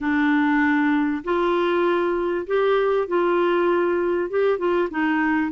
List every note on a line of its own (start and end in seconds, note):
0.00 1.23 D4
1.24 2.46 F4
2.47 3.07 G4
3.07 4.29 F4
4.29 4.58 G4
4.58 4.88 F4
4.90 5.51 D#4